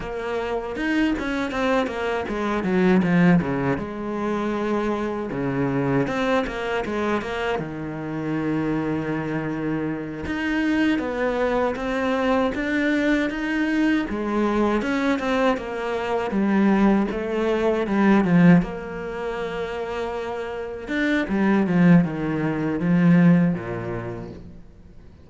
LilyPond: \new Staff \with { instrumentName = "cello" } { \time 4/4 \tempo 4 = 79 ais4 dis'8 cis'8 c'8 ais8 gis8 fis8 | f8 cis8 gis2 cis4 | c'8 ais8 gis8 ais8 dis2~ | dis4. dis'4 b4 c'8~ |
c'8 d'4 dis'4 gis4 cis'8 | c'8 ais4 g4 a4 g8 | f8 ais2. d'8 | g8 f8 dis4 f4 ais,4 | }